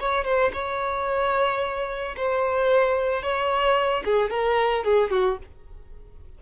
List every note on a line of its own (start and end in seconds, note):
0.00 0.25 C#5
0.25 0.52 C5
0.53 2.15 C#5
2.17 3.23 C5
3.23 4.04 C#5
4.05 4.30 G#4
4.30 4.84 A#4
4.84 5.11 G#4
5.11 5.38 F#4